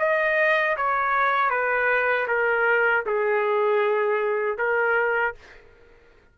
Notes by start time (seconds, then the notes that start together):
0.00 D#5
0.77 C#5
1.50 B4
2.28 A#4
3.07 G#4
4.58 A#4